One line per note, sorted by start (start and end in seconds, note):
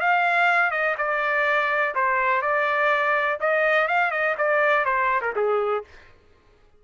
0.00 0.71 F5
0.71 0.95 D#5
0.97 1.94 D5
1.95 2.42 C5
2.42 3.38 D5
3.40 3.87 D#5
3.87 4.11 F5
4.11 4.35 D#5
4.38 4.85 D5
4.85 5.21 C5
5.21 5.33 A#4
5.36 5.84 G#4